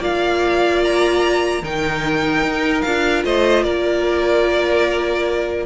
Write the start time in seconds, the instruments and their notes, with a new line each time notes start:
0.00 cello A#3, viola F4, violin D5 F5
0.84 violin A#5
1.62 cello D#3, viola D#4, violin A#4 G5
2.42 cello D#4
2.82 cello D4, viola F4, violin F5
3.24 cello A3, violin C5 D#5
3.64 cello A#3, violin A#4 D5